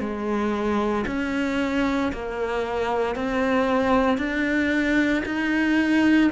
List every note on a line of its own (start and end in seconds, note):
0.00 1.05 G#3
1.07 2.12 C#4
2.13 3.16 A#3
3.16 4.18 C4
4.18 5.23 D4
5.25 6.31 D#4